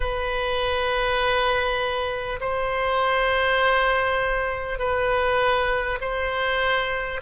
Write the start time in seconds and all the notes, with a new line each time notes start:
0.00 B4
2.40 C5
4.78 B4
6.00 C5